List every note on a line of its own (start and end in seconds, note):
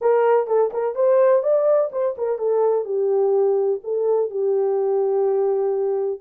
0.01 0.47 A#4
0.47 0.71 A4
0.73 0.95 A#4
0.95 1.42 C5
1.42 1.90 D5
1.92 2.15 C5
2.17 2.38 A#4
2.38 2.84 A4
2.84 3.79 G4
3.83 4.30 A4
4.30 6.20 G4